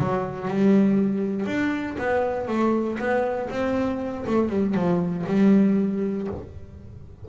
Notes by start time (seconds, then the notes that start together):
0.00 F#3
0.48 G3
1.46 D4
1.99 B3
2.48 A3
2.99 B3
3.50 C4
4.27 A3
4.50 G3
4.75 F3
5.27 G3